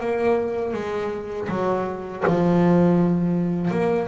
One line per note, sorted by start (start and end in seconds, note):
0.00 0.74 A#3
0.74 1.49 G#3
1.49 2.24 F#3
2.27 3.71 F3
3.71 4.08 A#3